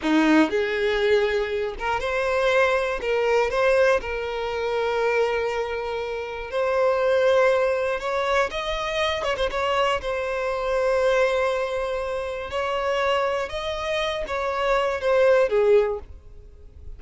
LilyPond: \new Staff \with { instrumentName = "violin" } { \time 4/4 \tempo 4 = 120 dis'4 gis'2~ gis'8 ais'8 | c''2 ais'4 c''4 | ais'1~ | ais'4 c''2. |
cis''4 dis''4. cis''16 c''16 cis''4 | c''1~ | c''4 cis''2 dis''4~ | dis''8 cis''4. c''4 gis'4 | }